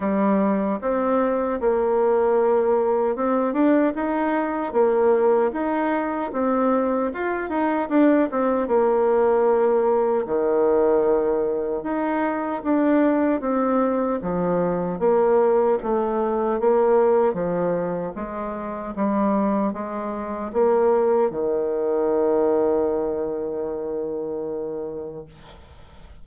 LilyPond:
\new Staff \with { instrumentName = "bassoon" } { \time 4/4 \tempo 4 = 76 g4 c'4 ais2 | c'8 d'8 dis'4 ais4 dis'4 | c'4 f'8 dis'8 d'8 c'8 ais4~ | ais4 dis2 dis'4 |
d'4 c'4 f4 ais4 | a4 ais4 f4 gis4 | g4 gis4 ais4 dis4~ | dis1 | }